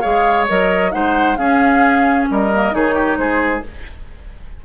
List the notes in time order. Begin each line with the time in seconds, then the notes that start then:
0.00 G#3 G#4 C#5 F5
0.48 F#3 A#4 D#5
0.91 G#3 D#4 C5 F#5
1.36 C#4 G#4 F5
2.30 G3 A#4 D#5
2.53 A#3
2.71 D#3 D#4 G#4 C#5
2.94 G4
3.17 G#3 G#4 C5